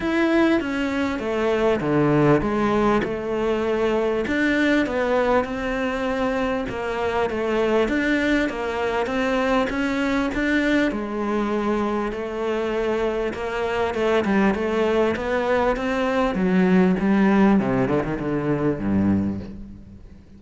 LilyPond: \new Staff \with { instrumentName = "cello" } { \time 4/4 \tempo 4 = 99 e'4 cis'4 a4 d4 | gis4 a2 d'4 | b4 c'2 ais4 | a4 d'4 ais4 c'4 |
cis'4 d'4 gis2 | a2 ais4 a8 g8 | a4 b4 c'4 fis4 | g4 c8 d16 dis16 d4 g,4 | }